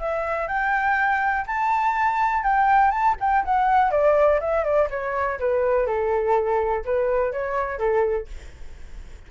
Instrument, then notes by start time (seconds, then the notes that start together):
flute
0.00 E5
0.48 G5
1.47 A5
2.44 G5
2.92 A5
3.20 G5
3.45 F#5
3.92 D5
4.41 E5
4.65 D5
4.91 C#5
5.40 B4
5.87 A4
6.86 B4
7.33 C#5
7.79 A4